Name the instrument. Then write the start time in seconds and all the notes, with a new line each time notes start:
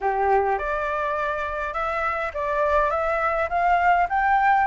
flute
0.00 G4
0.58 D5
1.73 E5
2.34 D5
2.90 E5
3.49 F5
4.09 G5